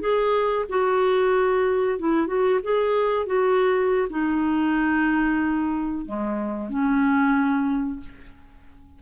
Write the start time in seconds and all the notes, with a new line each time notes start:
0.00 G#4
0.69 F#4
1.99 E4
2.27 F#4
2.63 G#4
3.26 F#4
4.09 D#4
6.05 G#3
6.69 C#4